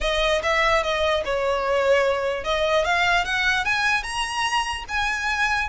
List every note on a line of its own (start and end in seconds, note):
0.01 0.41 D#5
0.42 0.83 E5
0.83 1.23 D#5
1.24 2.44 C#5
2.44 2.84 D#5
2.84 3.24 F5
3.24 3.64 F#5
3.64 4.03 G#5
4.03 4.84 A#5
4.88 5.68 G#5